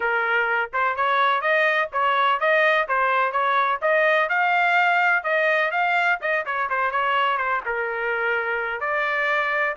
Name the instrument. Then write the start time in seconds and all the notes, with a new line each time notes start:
trumpet
0.00 A#4
0.73 C5
0.95 C#5
1.41 D#5
1.92 C#5
2.39 D#5
2.88 C5
3.32 C#5
3.81 D#5
4.29 F5
5.23 D#5
5.71 F5
6.21 D#5
6.45 C#5
6.69 C5
6.91 C#5
7.37 C5
7.65 A#4
8.80 D5